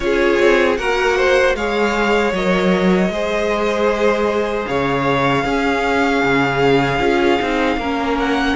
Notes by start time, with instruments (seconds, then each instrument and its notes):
0.00 cello C#4, viola F4, violin G#4 C#5
0.39 cello C4
0.77 cello A#3, viola F#4, violin A#4 F#5
1.16 violin C5
1.55 cello G#3, viola G#4, violin C#5 F5
2.32 cello F#3, viola A#4, violin D#5
3.09 cello G#3, viola G#4, violin C5
4.65 cello C#3, violin C#5 F5
5.44 cello C#4, viola C#4, violin G#4
6.23 cello C#3
6.99 cello C#4, viola F4
7.41 cello C4, viola D#4
7.76 cello A#3, viola C#4, violin A#4
8.18 violin F#5